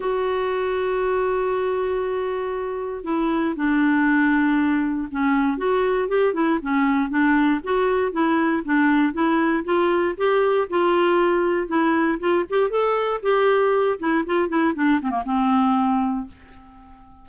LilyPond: \new Staff \with { instrumentName = "clarinet" } { \time 4/4 \tempo 4 = 118 fis'1~ | fis'2 e'4 d'4~ | d'2 cis'4 fis'4 | g'8 e'8 cis'4 d'4 fis'4 |
e'4 d'4 e'4 f'4 | g'4 f'2 e'4 | f'8 g'8 a'4 g'4. e'8 | f'8 e'8 d'8 c'16 ais16 c'2 | }